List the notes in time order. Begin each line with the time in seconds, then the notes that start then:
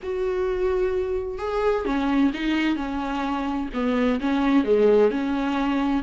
0.02 F#4
1.38 G#4
1.85 C#4
2.33 D#4
2.76 C#4
3.73 B3
4.20 C#4
4.64 G#3
5.11 C#4